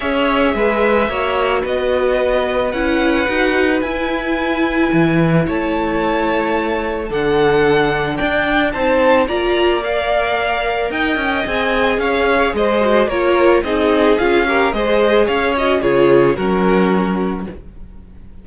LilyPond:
<<
  \new Staff \with { instrumentName = "violin" } { \time 4/4 \tempo 4 = 110 e''2. dis''4~ | dis''4 fis''2 gis''4~ | gis''2 a''2~ | a''4 fis''2 g''4 |
a''4 ais''4 f''2 | g''4 gis''4 f''4 dis''4 | cis''4 dis''4 f''4 dis''4 | f''8 dis''8 cis''4 ais'2 | }
  \new Staff \with { instrumentName = "violin" } { \time 4/4 cis''4 b'4 cis''4 b'4~ | b'1~ | b'2 cis''2~ | cis''4 a'2 d''4 |
c''4 d''2. | dis''2 cis''4 c''4 | ais'4 gis'4. ais'8 c''4 | cis''4 gis'4 fis'2 | }
  \new Staff \with { instrumentName = "viola" } { \time 4/4 gis'2 fis'2~ | fis'4 e'4 fis'4 e'4~ | e'1~ | e'4 d'2. |
dis'4 f'4 ais'2~ | ais'4 gis'2~ gis'8 fis'8 | f'4 dis'4 f'8 g'8 gis'4~ | gis'8 fis'8 f'4 cis'2 | }
  \new Staff \with { instrumentName = "cello" } { \time 4/4 cis'4 gis4 ais4 b4~ | b4 cis'4 dis'4 e'4~ | e'4 e4 a2~ | a4 d2 d'4 |
c'4 ais2. | dis'8 cis'8 c'4 cis'4 gis4 | ais4 c'4 cis'4 gis4 | cis'4 cis4 fis2 | }
>>